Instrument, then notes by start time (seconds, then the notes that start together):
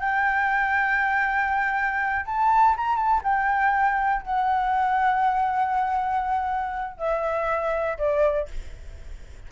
flute
0.00 G5
2.25 A5
2.77 A#5
2.96 A5
3.23 G5
4.22 F#5
6.97 E5
7.98 D5